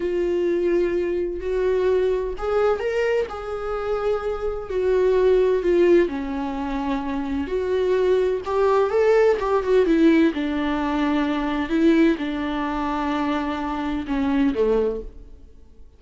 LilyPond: \new Staff \with { instrumentName = "viola" } { \time 4/4 \tempo 4 = 128 f'2. fis'4~ | fis'4 gis'4 ais'4 gis'4~ | gis'2 fis'2 | f'4 cis'2. |
fis'2 g'4 a'4 | g'8 fis'8 e'4 d'2~ | d'4 e'4 d'2~ | d'2 cis'4 a4 | }